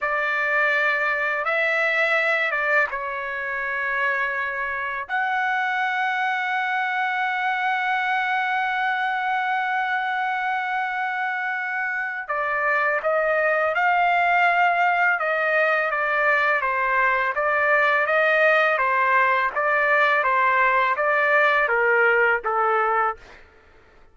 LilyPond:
\new Staff \with { instrumentName = "trumpet" } { \time 4/4 \tempo 4 = 83 d''2 e''4. d''8 | cis''2. fis''4~ | fis''1~ | fis''1~ |
fis''4 d''4 dis''4 f''4~ | f''4 dis''4 d''4 c''4 | d''4 dis''4 c''4 d''4 | c''4 d''4 ais'4 a'4 | }